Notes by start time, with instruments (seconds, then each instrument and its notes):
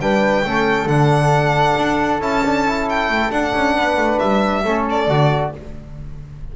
0.00 double bass G3, trombone D4, flute B4, violin G5
0.45 double bass A3, trombone C#4, flute A4
0.86 double bass D3, trombone D4, violin F#5
1.78 double bass D4
2.20 double bass C#4, trombone E4, violin A5
2.45 trombone D4
2.66 trombone E4
2.90 violin G5
3.09 double bass A3
3.31 double bass D4, trombone D4, violin F#5
3.55 double bass C#4
3.76 double bass B3, flute B4
3.97 double bass A3
4.19 double bass G3, violin E5
4.64 double bass A3, trombone C#4, flute A4
4.90 violin D5
5.08 double bass D3, trombone F#4